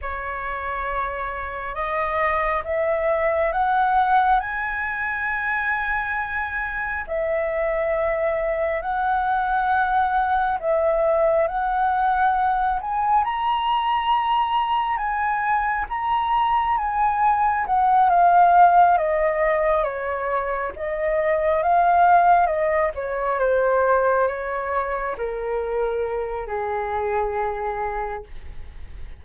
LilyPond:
\new Staff \with { instrumentName = "flute" } { \time 4/4 \tempo 4 = 68 cis''2 dis''4 e''4 | fis''4 gis''2. | e''2 fis''2 | e''4 fis''4. gis''8 ais''4~ |
ais''4 gis''4 ais''4 gis''4 | fis''8 f''4 dis''4 cis''4 dis''8~ | dis''8 f''4 dis''8 cis''8 c''4 cis''8~ | cis''8 ais'4. gis'2 | }